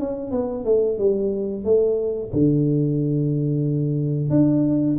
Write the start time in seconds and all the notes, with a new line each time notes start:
0.00 C#4
0.32 B3
0.65 A3
0.98 G3
1.65 A3
2.33 D3
4.30 D4